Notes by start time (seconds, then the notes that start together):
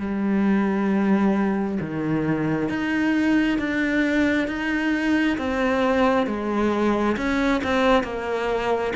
0.00 G3
1.80 D#3
2.69 D#4
3.59 D4
4.48 D#4
5.38 C4
6.27 G#3
7.17 C#4
7.64 C4
8.04 A#3